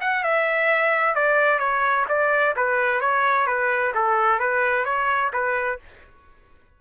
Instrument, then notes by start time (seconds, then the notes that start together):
trumpet
0.00 F#5
0.23 E5
1.15 D5
1.59 C#5
2.08 D5
2.56 B4
3.00 C#5
3.46 B4
3.94 A4
4.39 B4
4.85 C#5
5.33 B4